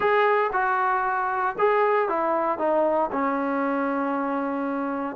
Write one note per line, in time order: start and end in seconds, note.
0.00 0.50 G#4
0.52 1.56 F#4
1.58 2.08 G#4
2.08 2.58 E4
2.58 3.10 D#4
3.12 5.16 C#4